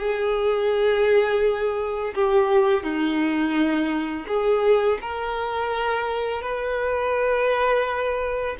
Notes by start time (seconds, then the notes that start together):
0.00 G#4
2.15 G4
2.83 D#4
4.27 G#4
5.01 A#4
6.42 B4